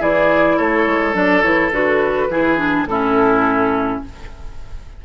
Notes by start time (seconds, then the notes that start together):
0.00 E3 E4 G#4 D5
0.57 A3 A4 C#5
0.87 G#3
1.13 F#3 D4 D5
1.42 E3 E4 C#5
1.71 D3 F#4 B4
2.29 E3 E4 G#4
2.58 D4
2.86 A2 C#4 E4 A4